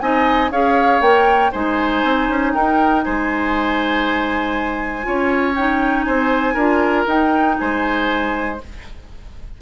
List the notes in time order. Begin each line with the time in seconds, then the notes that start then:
0.00 C4 D#4 D#5 G#5
0.51 C#4 G#4 C#5 F5
1.01 A#3 A#4 G5
1.52 G#3 D#4 C5 G#5
2.04 C4
2.29 C#4
2.54 D#4 A#4 G5
3.04 G#3 C5 G#5
5.03 C#4 F4 C#5
5.55 D#4 G5
6.03 C4 C5 G#5
6.54 D4 F4 A#4
7.07 D#4 G5
7.59 G#3 C5 G#5